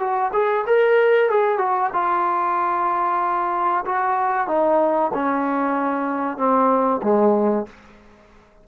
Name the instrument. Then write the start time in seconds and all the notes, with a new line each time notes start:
trombone
0.00 F#4
0.33 G#4
0.67 A#4
1.30 G#4
1.58 F#4
1.94 F4
3.86 F#4
4.48 D#4
5.14 C#4
6.37 C4
7.03 G#3